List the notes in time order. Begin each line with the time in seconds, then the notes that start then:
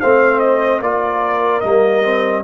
0.00 A3 C4 C5 F5
0.39 D#5
0.80 A#3 F4 A#4 D5
1.60 G3 A#3 D#5
2.03 C4